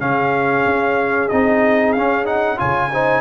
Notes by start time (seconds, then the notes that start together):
0.00 C#3 C#4 G#4 F5
0.66 C#4
1.29 C4 D#4 D#5
1.93 C#4 F5
2.25 D#4 F#5
2.57 C#3 F4 C#5 G#5
2.93 D#4 C5